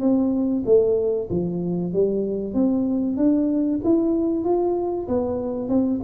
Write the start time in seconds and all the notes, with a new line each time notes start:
0.00 C4
0.65 A3
1.30 F3
1.93 G3
2.54 C4
3.17 D4
3.84 E4
4.44 F4
5.08 B3
5.69 C4